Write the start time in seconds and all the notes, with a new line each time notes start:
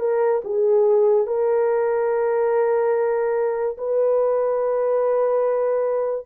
0.00 A#4
0.45 G#4
1.27 A#4
3.78 B4